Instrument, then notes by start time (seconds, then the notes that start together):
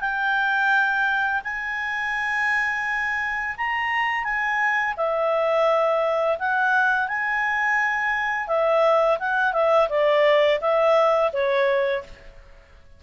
clarinet
0.00 G5
1.44 G#5
3.57 A#5
4.24 G#5
4.97 E5
6.39 F#5
7.08 G#5
8.47 E5
9.19 F#5
9.53 E5
9.89 D5
10.60 E5
11.32 C#5